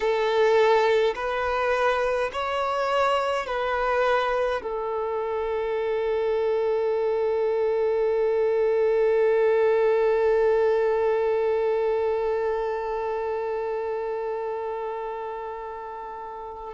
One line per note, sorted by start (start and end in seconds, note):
0.00 1.13 A4
1.15 2.30 B4
2.32 3.46 C#5
3.46 4.62 B4
4.62 16.74 A4